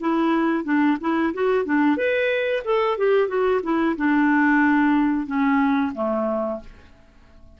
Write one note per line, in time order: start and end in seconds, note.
0.00 0.64 E4
0.64 0.97 D4
1.00 1.33 E4
1.34 1.65 F#4
1.65 1.97 D4
1.97 2.63 B4
2.64 2.97 A4
2.98 3.28 G4
3.28 3.61 F#4
3.63 3.96 E4
3.97 5.27 D4
5.27 5.93 C#4
5.94 6.60 A3